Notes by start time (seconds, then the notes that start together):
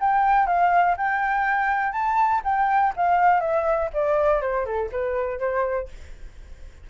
0.00 G5
0.46 F5
0.97 G5
1.92 A5
2.44 G5
2.96 F5
3.40 E5
3.93 D5
4.41 C5
4.65 A4
4.91 B4
5.39 C5